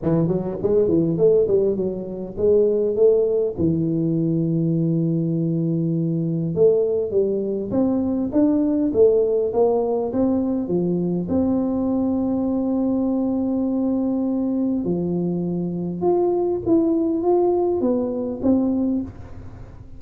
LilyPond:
\new Staff \with { instrumentName = "tuba" } { \time 4/4 \tempo 4 = 101 e8 fis8 gis8 e8 a8 g8 fis4 | gis4 a4 e2~ | e2. a4 | g4 c'4 d'4 a4 |
ais4 c'4 f4 c'4~ | c'1~ | c'4 f2 f'4 | e'4 f'4 b4 c'4 | }